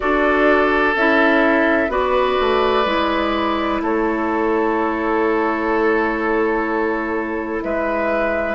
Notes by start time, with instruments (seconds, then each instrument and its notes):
0.00 bassoon D4, clarinet F#4, oboe A4, flute D5
0.95 bassoon C#4, clarinet E4, flute E5
1.88 bassoon B3, clarinet F#4, oboe B4, flute D5
2.40 bassoon A3
2.85 bassoon G#3, clarinet E4
3.81 bassoon A3, oboe A4, flute C#5
7.62 bassoon G#3, oboe B4, flute E5